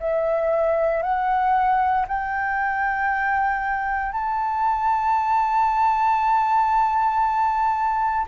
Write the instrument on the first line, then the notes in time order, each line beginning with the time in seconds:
flute
0.00 E5
1.03 F#5
2.08 G5
4.12 A5